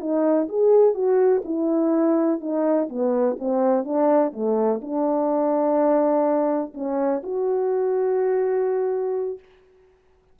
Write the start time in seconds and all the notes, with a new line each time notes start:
0.00 D#4
0.48 G#4
0.94 F#4
1.44 E4
2.40 D#4
2.89 B3
3.39 C4
3.84 D4
4.32 A3
4.81 D4
6.74 C#4
7.23 F#4